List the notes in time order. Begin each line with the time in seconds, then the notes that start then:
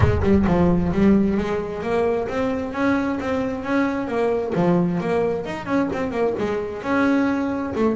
0.00 G#3
0.22 G3
0.46 F3
0.92 G3
1.37 G#3
1.82 A#3
2.28 C4
2.73 C#4
3.19 C4
3.63 C#4
4.07 A#3
4.55 F3
5.00 A#3
5.45 D#4
5.66 C#4
5.92 C4
6.11 A#3
6.38 G#3
6.82 C#4
7.75 A3